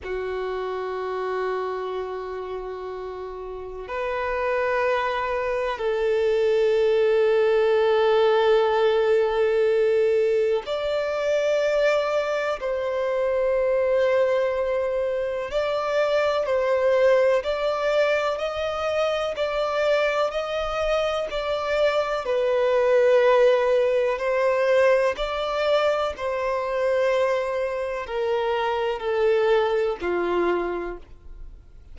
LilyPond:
\new Staff \with { instrumentName = "violin" } { \time 4/4 \tempo 4 = 62 fis'1 | b'2 a'2~ | a'2. d''4~ | d''4 c''2. |
d''4 c''4 d''4 dis''4 | d''4 dis''4 d''4 b'4~ | b'4 c''4 d''4 c''4~ | c''4 ais'4 a'4 f'4 | }